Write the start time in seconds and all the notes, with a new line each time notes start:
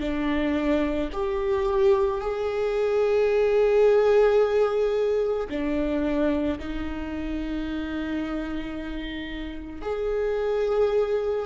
0.00 D4
1.12 G4
2.20 G#4
5.49 D4
6.59 D#4
9.82 G#4